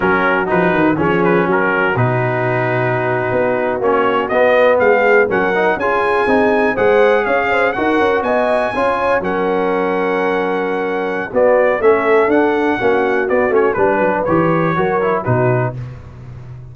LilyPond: <<
  \new Staff \with { instrumentName = "trumpet" } { \time 4/4 \tempo 4 = 122 ais'4 b'4 cis''8 b'8 ais'4 | b'2.~ b'8. cis''16~ | cis''8. dis''4 f''4 fis''4 gis''16~ | gis''4.~ gis''16 fis''4 f''4 fis''16~ |
fis''8. gis''2 fis''4~ fis''16~ | fis''2. d''4 | e''4 fis''2 d''8 cis''8 | b'4 cis''2 b'4 | }
  \new Staff \with { instrumentName = "horn" } { \time 4/4 fis'2 gis'4 fis'4~ | fis'1~ | fis'4.~ fis'16 gis'4 ais'4 gis'16~ | gis'4.~ gis'16 c''4 cis''8 c''8 ais'16~ |
ais'8. dis''4 cis''4 ais'4~ ais'16~ | ais'2. fis'4 | a'2 fis'2 | b'2 ais'4 fis'4 | }
  \new Staff \with { instrumentName = "trombone" } { \time 4/4 cis'4 dis'4 cis'2 | dis'2.~ dis'8. cis'16~ | cis'8. b2 cis'8 dis'8 f'16~ | f'8. dis'4 gis'2 fis'16~ |
fis'4.~ fis'16 f'4 cis'4~ cis'16~ | cis'2. b4 | cis'4 d'4 cis'4 b8 cis'8 | d'4 g'4 fis'8 e'8 dis'4 | }
  \new Staff \with { instrumentName = "tuba" } { \time 4/4 fis4 f8 dis8 f4 fis4 | b,2~ b,8. b4 ais16~ | ais8. b4 gis4 fis4 cis'16~ | cis'8. c'4 gis4 cis'4 dis'16~ |
dis'16 cis'8 b4 cis'4 fis4~ fis16~ | fis2. b4 | a4 d'4 ais4 b8 a8 | g8 fis8 e4 fis4 b,4 | }
>>